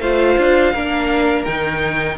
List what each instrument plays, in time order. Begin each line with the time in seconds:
0.00 cello A3, viola F4, violin C5 F5
0.38 cello D4
0.73 cello A#3, viola D4, violin A#4
1.44 cello D#3, viola D#4, violin G5